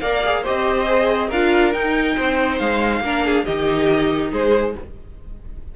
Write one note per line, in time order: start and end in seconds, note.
0.00 0.45 A#3
0.00 0.23 A#4
0.00 0.42 D5
0.00 0.43 F5
0.24 0.44 G#4
0.42 0.86 G4
0.42 1.27 C5
0.42 1.30 D#5
0.49 1.31 C4
0.86 1.29 G#4
1.27 1.73 D4
1.27 1.73 F4
1.27 2.14 A#4
1.27 1.73 F5
1.73 3.02 D#4
1.73 2.16 D#4
1.73 2.58 G5
2.15 2.59 C4
2.15 3.01 C5
2.58 3.00 G#3
2.58 3.45 F5
3.00 3.44 A#3
3.00 3.46 D4
3.00 3.25 A#4
3.25 3.45 G#4
3.45 4.31 D#3
3.45 4.75 D#4
3.45 4.31 G4
3.45 4.31 D#5
4.31 4.75 G#3
4.31 4.74 G#4
4.31 4.76 C5